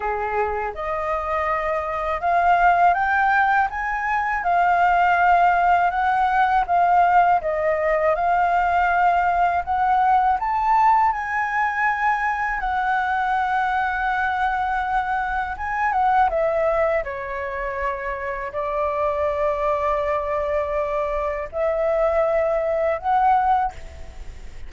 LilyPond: \new Staff \with { instrumentName = "flute" } { \time 4/4 \tempo 4 = 81 gis'4 dis''2 f''4 | g''4 gis''4 f''2 | fis''4 f''4 dis''4 f''4~ | f''4 fis''4 a''4 gis''4~ |
gis''4 fis''2.~ | fis''4 gis''8 fis''8 e''4 cis''4~ | cis''4 d''2.~ | d''4 e''2 fis''4 | }